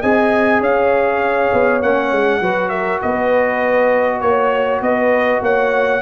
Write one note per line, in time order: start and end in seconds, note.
0.00 0.60 C4
0.00 1.83 G#4
0.00 0.60 D#5
0.00 0.62 G#5
0.60 1.51 C#4
0.60 2.40 C#5
0.60 1.83 F5
1.53 1.83 B3
1.83 2.12 A#3
1.83 2.43 C#4
1.83 2.69 F#5
2.12 2.41 G#3
2.41 3.01 F#3
2.41 6.02 F#4
2.41 2.71 B4
2.69 3.00 A#4
2.69 2.99 E5
3.01 4.21 B3
3.01 4.21 B4
3.01 4.21 D#5
4.21 4.81 A#3
4.21 4.81 C#5
4.21 4.82 C#5
4.81 5.41 B3
4.81 5.42 B4
4.81 5.42 D#5
5.42 6.02 A#3
5.42 6.02 C#5
5.42 6.02 F#5